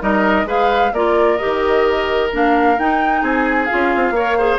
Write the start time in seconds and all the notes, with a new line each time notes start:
0.00 G3 D#4 A#4 D#5
0.45 G#3 G#4 B4 F5
0.92 A#3 F4 A#4 D5
1.37 G4 D#5
1.44 D#3
2.32 A#3 D4 F5
2.78 D#4 G5
3.21 C4 G#4 G#5
3.65 F4 F5
3.73 C#4
3.95 C4
4.10 A#3 A#4 C#5
4.37 G#4 C5